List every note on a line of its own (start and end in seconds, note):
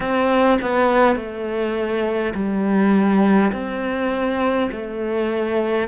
0.00 0.58 C4
0.61 1.16 B3
1.16 2.33 A3
2.34 3.52 G3
3.52 4.70 C4
4.71 5.88 A3